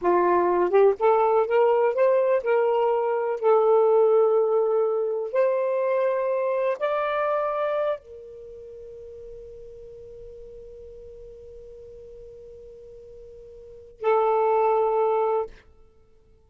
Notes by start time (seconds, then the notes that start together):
0.01 F4
0.70 G4
0.99 A4
1.46 A#4
1.94 C5
2.43 A#4
3.40 A4
5.32 C5
6.79 D5
7.99 A#4
14.00 A4